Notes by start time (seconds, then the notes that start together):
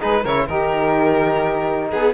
0.00 G#3 D#4 G#4 B4
0.21 C#3 E4 A#4 C#5
0.47 D#3 D#4 G4 A#4
1.91 B3 G#4